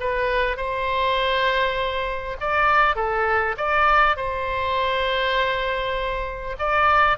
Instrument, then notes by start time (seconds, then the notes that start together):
oboe
0.00 B4
0.57 C5
2.41 D5
2.96 A4
3.57 D5
4.16 C5
6.59 D5